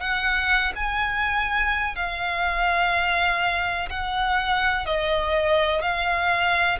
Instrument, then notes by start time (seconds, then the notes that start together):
violin
0.00 F#5
0.75 G#5
1.96 F5
3.89 F#5
4.86 D#5
5.82 F5